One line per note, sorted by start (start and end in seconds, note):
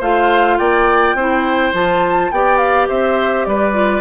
0.00 0.58 A3
0.00 1.17 F4
0.00 0.58 C5
0.00 0.57 F5
0.57 1.14 A#3
0.57 1.16 D5
0.57 1.73 G5
1.14 1.72 C4
1.14 1.73 E4
1.14 2.31 C5
1.73 2.31 F3
1.73 2.31 F4
1.73 2.31 A5
2.31 2.89 B3
2.31 3.73 G4
2.31 2.89 D5
2.31 2.58 G5
2.58 2.87 F5
2.88 3.46 C4
2.88 3.46 C5
2.88 3.44 E5
3.44 4.01 G3
3.44 4.01 B4
3.44 4.01 D5
3.73 4.01 F4